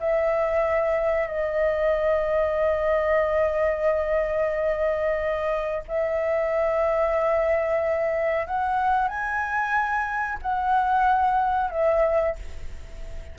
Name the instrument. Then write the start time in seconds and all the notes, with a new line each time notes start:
flute
0.00 E5
1.27 D#5
5.88 E5
8.47 F#5
9.08 G#5
10.42 F#5
11.70 E5